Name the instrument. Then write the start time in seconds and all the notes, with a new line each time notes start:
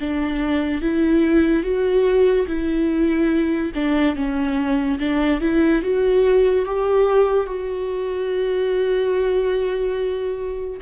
viola
0.00 D4
0.81 E4
1.63 F#4
2.47 E4
3.75 D4
4.15 C#4
4.99 D4
5.41 E4
5.82 F#4
6.66 G4
7.46 F#4